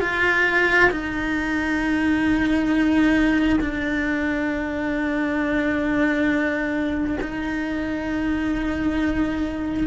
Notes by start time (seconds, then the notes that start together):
0.00 F4
0.90 D#4
3.60 D4
7.21 D#4